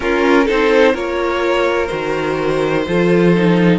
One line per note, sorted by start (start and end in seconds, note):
0.00 0.47 C#4
0.00 0.44 F4
0.00 0.48 A#4
0.44 0.94 C4
0.44 0.93 D#4
0.44 0.92 A4
0.44 0.96 C5
0.93 1.89 A#3
0.93 1.88 F4
0.93 2.84 A#4
0.93 1.87 C#5
1.87 2.87 D#3
1.87 2.85 F#4
1.87 3.77 C5
2.87 3.79 F3
2.87 3.35 F4
2.87 3.79 A4
3.35 3.79 D#4